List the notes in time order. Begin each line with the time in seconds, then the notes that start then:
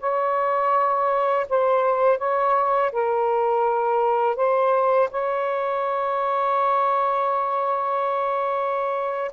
0.00 C#5
1.49 C5
2.18 C#5
2.92 A#4
4.36 C5
5.11 C#5